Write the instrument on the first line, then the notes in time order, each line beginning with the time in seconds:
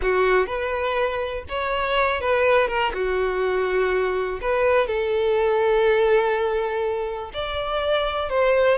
violin
0.02 F#4
0.46 B4
1.49 C#5
2.20 B4
2.67 A#4
2.93 F#4
4.41 B4
4.87 A4
7.33 D5
8.29 C5